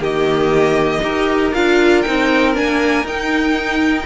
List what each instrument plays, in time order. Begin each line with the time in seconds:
0.00 cello D#3, viola A#3, violin G4 D#5
1.03 cello D#4, viola G4, violin A#4
1.54 cello D4, viola F4, violin F5
2.02 cello C4, viola D#4, violin G5
2.54 cello A#3, viola D4, violin G#5
3.03 cello D#4, viola D#4, violin G5